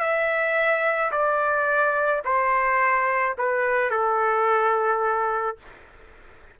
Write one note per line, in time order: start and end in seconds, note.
0.00 1.11 E5
1.12 2.23 D5
2.25 3.36 C5
3.38 3.90 B4
3.90 5.57 A4